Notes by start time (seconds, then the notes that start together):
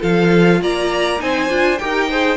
0.00 F3 F4 A4 F5
0.61 A#3 D5 A#5
1.19 C4 D#4 C5 G#5
1.49 D4 F4
1.78 D#4 G4 A#4 G5
2.10 G#4 C5